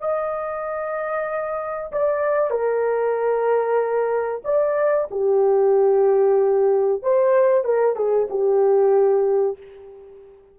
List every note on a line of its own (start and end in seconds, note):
0.00 1.91 D#5
1.92 2.50 D5
2.50 4.42 A#4
4.44 5.08 D5
5.10 7.02 G4
7.02 7.64 C5
7.64 7.96 A#4
7.96 8.27 G#4
8.29 9.57 G4